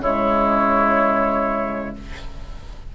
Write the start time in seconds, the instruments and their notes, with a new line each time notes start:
0.00 bassoon C#3, clarinet G#3, oboe E4, flute C#5